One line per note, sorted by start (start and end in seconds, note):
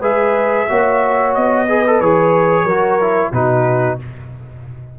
0.00 0.66 G#3
0.00 0.67 G#4
0.00 0.66 B4
0.00 1.34 E5
0.69 1.36 A#3
0.69 1.67 F#4
0.69 1.68 C#5
1.34 2.00 B3
1.34 2.00 D#5
1.68 1.84 G#4
1.68 2.64 B4
1.87 2.02 A4
2.00 2.64 E3
2.00 2.68 G#4
2.00 3.32 C#5
2.64 3.30 F#3
2.64 3.00 F#4
2.64 3.30 A#4
3.00 3.33 E4
3.32 3.98 B2
3.32 3.99 D#4
3.32 3.98 F#4
3.32 3.98 B4